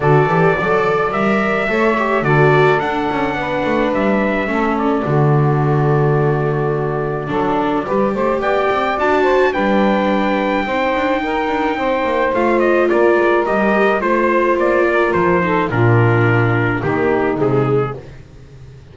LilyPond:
<<
  \new Staff \with { instrumentName = "trumpet" } { \time 4/4 \tempo 4 = 107 d''2 e''2 | d''4 fis''2 e''4~ | e''8 d''2.~ d''8~ | d''2. g''4 |
a''4 g''2.~ | g''2 f''8 dis''8 d''4 | dis''4 c''4 d''4 c''4 | ais'2 g'4 gis'4 | }
  \new Staff \with { instrumentName = "saxophone" } { \time 4/4 a'4 d''2 cis''4 | a'2 b'2 | a'4 fis'2.~ | fis'4 a'4 b'8 c''8 d''4~ |
d''8 c''8 b'2 c''4 | ais'4 c''2 ais'4~ | ais'4 c''4. ais'4 a'8 | f'2 dis'2 | }
  \new Staff \with { instrumentName = "viola" } { \time 4/4 fis'8 g'8 a'4 ais'4 a'8 g'8 | fis'4 d'2. | cis'4 a2.~ | a4 d'4 g'2 |
fis'4 d'2 dis'4~ | dis'2 f'2 | g'4 f'2~ f'8 dis'8 | d'2 ais4 gis4 | }
  \new Staff \with { instrumentName = "double bass" } { \time 4/4 d8 e8 fis4 g4 a4 | d4 d'8 cis'8 b8 a8 g4 | a4 d2.~ | d4 fis4 g8 a8 b8 c'8 |
d'4 g2 c'8 d'8 | dis'8 d'8 c'8 ais8 a4 ais8 gis8 | g4 a4 ais4 f4 | ais,2 dis4 c4 | }
>>